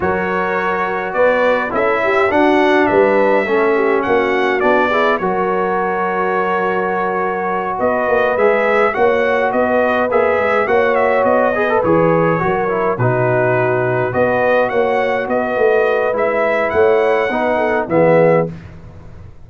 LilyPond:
<<
  \new Staff \with { instrumentName = "trumpet" } { \time 4/4 \tempo 4 = 104 cis''2 d''4 e''4 | fis''4 e''2 fis''4 | d''4 cis''2.~ | cis''4. dis''4 e''4 fis''8~ |
fis''8 dis''4 e''4 fis''8 e''8 dis''8~ | dis''8 cis''2 b'4.~ | b'8 dis''4 fis''4 dis''4. | e''4 fis''2 e''4 | }
  \new Staff \with { instrumentName = "horn" } { \time 4/4 ais'2 b'4 a'8 g'8 | fis'4 b'4 a'8 g'8 fis'4~ | fis'8 gis'8 ais'2.~ | ais'4. b'2 cis''8~ |
cis''8 b'2 cis''4. | b'4. ais'4 fis'4.~ | fis'8 b'4 cis''4 b'4.~ | b'4 cis''4 b'8 a'8 gis'4 | }
  \new Staff \with { instrumentName = "trombone" } { \time 4/4 fis'2. e'4 | d'2 cis'2 | d'8 e'8 fis'2.~ | fis'2~ fis'8 gis'4 fis'8~ |
fis'4. gis'4 fis'4. | gis'16 a'16 gis'4 fis'8 e'8 dis'4.~ | dis'8 fis'2.~ fis'8 | e'2 dis'4 b4 | }
  \new Staff \with { instrumentName = "tuba" } { \time 4/4 fis2 b4 cis'4 | d'4 g4 a4 ais4 | b4 fis2.~ | fis4. b8 ais8 gis4 ais8~ |
ais8 b4 ais8 gis8 ais4 b8~ | b8 e4 fis4 b,4.~ | b,8 b4 ais4 b8 a4 | gis4 a4 b4 e4 | }
>>